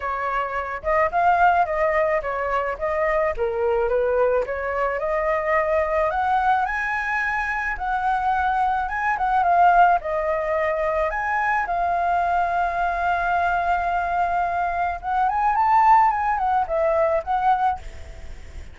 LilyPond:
\new Staff \with { instrumentName = "flute" } { \time 4/4 \tempo 4 = 108 cis''4. dis''8 f''4 dis''4 | cis''4 dis''4 ais'4 b'4 | cis''4 dis''2 fis''4 | gis''2 fis''2 |
gis''8 fis''8 f''4 dis''2 | gis''4 f''2.~ | f''2. fis''8 gis''8 | a''4 gis''8 fis''8 e''4 fis''4 | }